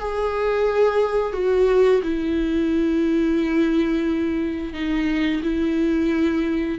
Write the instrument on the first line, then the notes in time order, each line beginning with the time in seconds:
viola
0.00 G#4
1.34 F#4
2.03 E4
4.74 D#4
5.43 E4